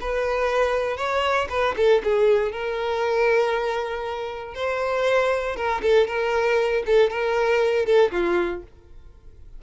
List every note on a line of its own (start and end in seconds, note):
0.00 0.96 B4
0.96 1.47 C#5
1.49 1.74 B4
1.76 2.02 A4
2.04 2.51 G#4
2.51 4.54 A#4
4.54 5.56 C5
5.56 5.81 A#4
5.82 6.07 A4
6.07 6.83 A#4
6.86 7.10 A4
7.10 7.85 A#4
7.85 8.11 A4
8.11 8.62 F4